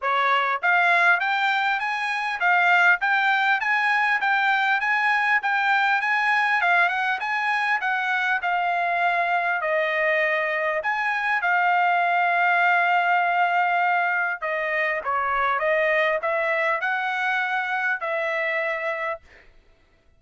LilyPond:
\new Staff \with { instrumentName = "trumpet" } { \time 4/4 \tempo 4 = 100 cis''4 f''4 g''4 gis''4 | f''4 g''4 gis''4 g''4 | gis''4 g''4 gis''4 f''8 fis''8 | gis''4 fis''4 f''2 |
dis''2 gis''4 f''4~ | f''1 | dis''4 cis''4 dis''4 e''4 | fis''2 e''2 | }